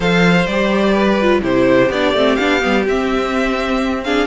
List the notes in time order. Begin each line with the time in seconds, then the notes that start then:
0.00 F3 A4 C5 F5
0.46 G3 G4 D5
0.93 B4
1.21 F4
1.41 C3 E4 G4 C5
1.89 B3 D4 D5
2.13 A3 C4
2.35 B3 D4 F5
2.60 G3 B3
2.87 C4 E5
4.03 D4 G#4 F5